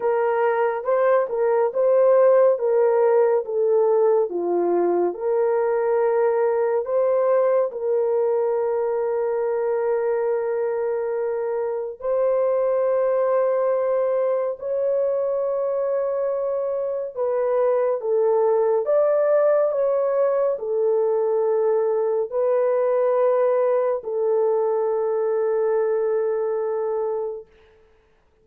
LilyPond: \new Staff \with { instrumentName = "horn" } { \time 4/4 \tempo 4 = 70 ais'4 c''8 ais'8 c''4 ais'4 | a'4 f'4 ais'2 | c''4 ais'2.~ | ais'2 c''2~ |
c''4 cis''2. | b'4 a'4 d''4 cis''4 | a'2 b'2 | a'1 | }